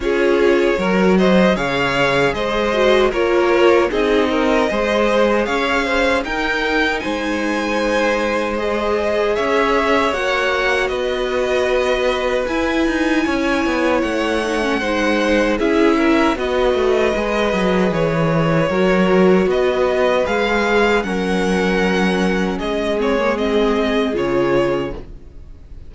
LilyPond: <<
  \new Staff \with { instrumentName = "violin" } { \time 4/4 \tempo 4 = 77 cis''4. dis''8 f''4 dis''4 | cis''4 dis''2 f''4 | g''4 gis''2 dis''4 | e''4 fis''4 dis''2 |
gis''2 fis''2 | e''4 dis''2 cis''4~ | cis''4 dis''4 f''4 fis''4~ | fis''4 dis''8 cis''8 dis''4 cis''4 | }
  \new Staff \with { instrumentName = "violin" } { \time 4/4 gis'4 ais'8 c''8 cis''4 c''4 | ais'4 gis'8 ais'8 c''4 cis''8 c''8 | ais'4 c''2. | cis''2 b'2~ |
b'4 cis''2 c''4 | gis'8 ais'8 b'2. | ais'4 b'2 ais'4~ | ais'4 gis'2. | }
  \new Staff \with { instrumentName = "viola" } { \time 4/4 f'4 fis'4 gis'4. fis'8 | f'4 dis'4 gis'2 | dis'2. gis'4~ | gis'4 fis'2. |
e'2~ e'8 dis'16 cis'16 dis'4 | e'4 fis'4 gis'2 | fis'2 gis'4 cis'4~ | cis'4. c'16 ais16 c'4 f'4 | }
  \new Staff \with { instrumentName = "cello" } { \time 4/4 cis'4 fis4 cis4 gis4 | ais4 c'4 gis4 cis'4 | dis'4 gis2. | cis'4 ais4 b2 |
e'8 dis'8 cis'8 b8 a4 gis4 | cis'4 b8 a8 gis8 fis8 e4 | fis4 b4 gis4 fis4~ | fis4 gis2 cis4 | }
>>